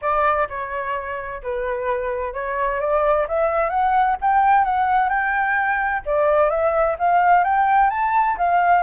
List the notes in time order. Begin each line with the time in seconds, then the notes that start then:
0.01 D5
0.49 C#5
1.42 B4
2.33 C#5
2.80 D5
3.28 E5
3.69 F#5
4.21 G5
4.64 F#5
5.09 G5
6.05 D5
6.50 E5
6.98 F5
7.44 G5
7.90 A5
8.37 F5